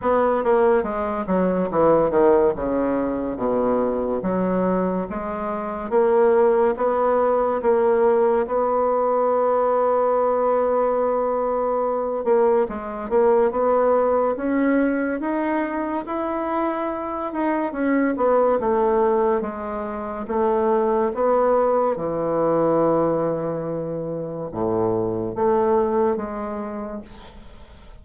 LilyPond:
\new Staff \with { instrumentName = "bassoon" } { \time 4/4 \tempo 4 = 71 b8 ais8 gis8 fis8 e8 dis8 cis4 | b,4 fis4 gis4 ais4 | b4 ais4 b2~ | b2~ b8 ais8 gis8 ais8 |
b4 cis'4 dis'4 e'4~ | e'8 dis'8 cis'8 b8 a4 gis4 | a4 b4 e2~ | e4 a,4 a4 gis4 | }